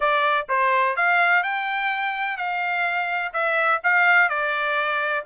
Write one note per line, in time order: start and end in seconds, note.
0.00 0.47 D5
0.48 0.96 C5
0.96 1.43 F5
1.43 2.37 G5
2.37 3.32 F5
3.33 3.80 E5
3.83 4.29 F5
4.29 5.24 D5